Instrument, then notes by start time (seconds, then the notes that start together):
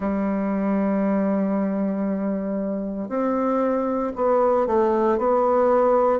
bassoon
0.00 G3
3.08 C4
4.15 B3
4.66 A3
5.18 B3